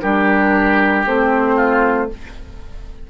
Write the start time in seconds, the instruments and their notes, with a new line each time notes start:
0.00 bassoon G3, clarinet D4, oboe G4, flute A#4
1.05 bassoon A3, clarinet C4, flute C5
1.55 oboe F4